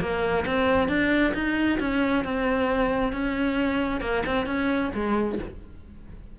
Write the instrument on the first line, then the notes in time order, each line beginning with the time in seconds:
cello
0.00 A#3
0.46 C4
0.88 D4
1.34 D#4
1.79 C#4
2.24 C4
3.12 C#4
4.01 A#3
4.26 C4
4.46 C#4
4.94 G#3